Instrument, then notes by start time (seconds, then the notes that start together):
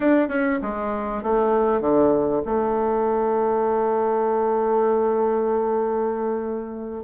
bassoon
0.00 D4
0.28 C#4
0.62 G#3
1.22 A3
1.80 D3
2.45 A3